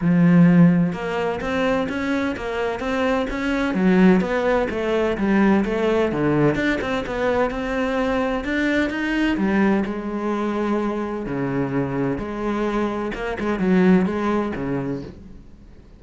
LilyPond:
\new Staff \with { instrumentName = "cello" } { \time 4/4 \tempo 4 = 128 f2 ais4 c'4 | cis'4 ais4 c'4 cis'4 | fis4 b4 a4 g4 | a4 d4 d'8 c'8 b4 |
c'2 d'4 dis'4 | g4 gis2. | cis2 gis2 | ais8 gis8 fis4 gis4 cis4 | }